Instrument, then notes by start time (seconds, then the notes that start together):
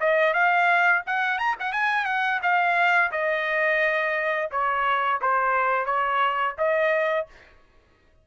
trumpet
0.00 D#5
0.34 F5
1.07 F#5
1.39 A#5
1.60 F#5
1.73 G#5
2.05 F#5
2.42 F5
3.12 D#5
4.51 C#5
5.21 C5
5.86 C#5
6.58 D#5